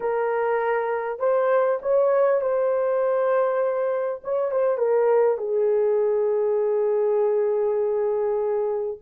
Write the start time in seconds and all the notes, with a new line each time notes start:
0.00 A#4
1.19 C5
1.82 C#5
2.41 C5
4.24 C#5
4.51 C5
4.77 A#4
5.37 G#4